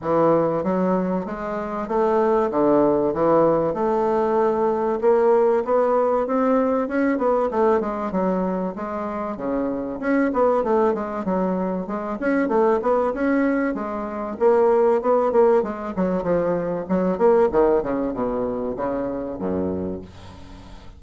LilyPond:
\new Staff \with { instrumentName = "bassoon" } { \time 4/4 \tempo 4 = 96 e4 fis4 gis4 a4 | d4 e4 a2 | ais4 b4 c'4 cis'8 b8 | a8 gis8 fis4 gis4 cis4 |
cis'8 b8 a8 gis8 fis4 gis8 cis'8 | a8 b8 cis'4 gis4 ais4 | b8 ais8 gis8 fis8 f4 fis8 ais8 | dis8 cis8 b,4 cis4 fis,4 | }